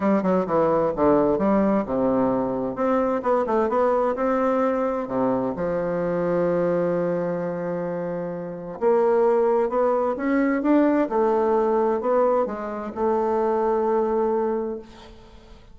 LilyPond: \new Staff \with { instrumentName = "bassoon" } { \time 4/4 \tempo 4 = 130 g8 fis8 e4 d4 g4 | c2 c'4 b8 a8 | b4 c'2 c4 | f1~ |
f2. ais4~ | ais4 b4 cis'4 d'4 | a2 b4 gis4 | a1 | }